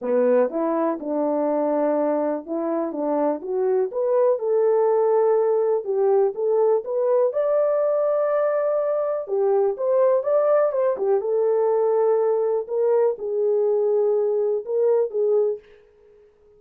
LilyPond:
\new Staff \with { instrumentName = "horn" } { \time 4/4 \tempo 4 = 123 b4 e'4 d'2~ | d'4 e'4 d'4 fis'4 | b'4 a'2. | g'4 a'4 b'4 d''4~ |
d''2. g'4 | c''4 d''4 c''8 g'8 a'4~ | a'2 ais'4 gis'4~ | gis'2 ais'4 gis'4 | }